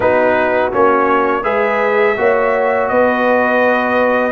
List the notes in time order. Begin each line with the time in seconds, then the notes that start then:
0.00 B3 D#4 F#4 B4
0.72 A#3 C#4 C#5
1.42 G#3 G#4 B4 E5
2.17 A#3 F#4 C#5
2.88 B3 B4 D#5